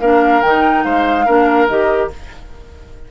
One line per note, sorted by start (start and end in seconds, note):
0.00 0.42 A#3
0.00 0.45 D4
0.00 0.85 A#4
0.00 0.42 F5
0.42 0.85 D#3
0.42 1.27 D#4
0.42 0.84 G5
0.84 1.27 G#3
0.84 1.26 C5
0.84 1.68 F5
1.26 1.69 A#3
1.26 1.69 D4
1.26 2.10 A#4
1.68 2.11 D#3
1.68 2.12 G4
1.68 2.11 D#5